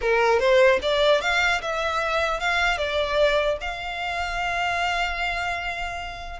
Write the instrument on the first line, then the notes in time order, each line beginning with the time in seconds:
violin
0.01 A#4
0.39 C5
0.82 D5
1.21 F5
1.61 E5
2.40 F5
2.77 D5
3.60 F5